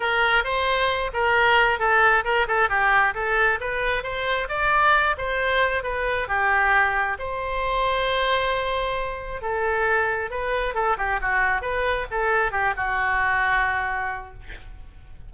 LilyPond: \new Staff \with { instrumentName = "oboe" } { \time 4/4 \tempo 4 = 134 ais'4 c''4. ais'4. | a'4 ais'8 a'8 g'4 a'4 | b'4 c''4 d''4. c''8~ | c''4 b'4 g'2 |
c''1~ | c''4 a'2 b'4 | a'8 g'8 fis'4 b'4 a'4 | g'8 fis'2.~ fis'8 | }